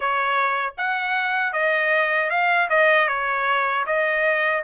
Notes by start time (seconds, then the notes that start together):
0.00 C#5
0.77 F#5
1.52 D#5
2.30 F5
2.69 D#5
3.08 C#5
3.86 D#5